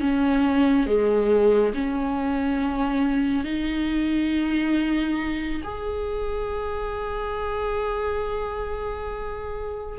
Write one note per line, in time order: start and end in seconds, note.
0.00 0.86 C#4
0.86 1.73 G#3
1.74 3.44 C#4
3.44 5.62 D#4
5.64 9.98 G#4